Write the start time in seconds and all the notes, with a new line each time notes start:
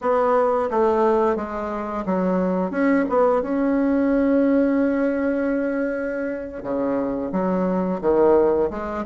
0.01 B3
0.70 A3
1.36 G#3
2.05 F#3
2.70 C#4
3.09 B3
3.42 C#4
6.63 C#3
7.32 F#3
8.01 D#3
8.70 G#3